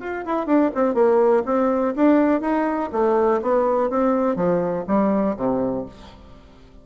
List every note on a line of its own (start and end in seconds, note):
0.00 0.24 F4
0.26 0.46 E4
0.46 0.71 D4
0.75 0.94 C4
0.94 1.43 A#3
1.45 1.94 C4
1.96 2.41 D4
2.41 2.90 D#4
2.92 3.41 A3
3.42 3.90 B3
3.90 4.36 C4
4.36 4.85 F3
4.87 5.36 G3
5.37 5.86 C3